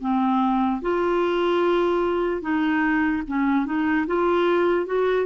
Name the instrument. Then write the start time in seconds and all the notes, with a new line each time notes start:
clarinet
0.00 C4
0.81 F4
2.41 D#4
3.27 C#4
3.65 D#4
4.07 F4
4.85 F#4